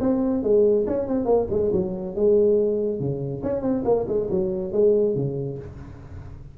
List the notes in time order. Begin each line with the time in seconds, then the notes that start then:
0.00 C4
0.43 G#3
0.87 C#4
1.08 C4
1.25 A#3
1.50 G#3
1.73 F#3
2.15 G#3
3.00 C#3
3.43 C#4
3.62 C4
3.85 A#3
4.08 G#3
4.30 F#3
4.72 G#3
5.15 C#3